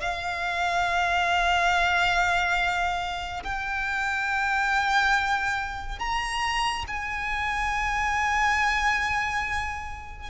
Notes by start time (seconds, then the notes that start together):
0.00 F5
3.43 G5
5.99 A#5
6.87 G#5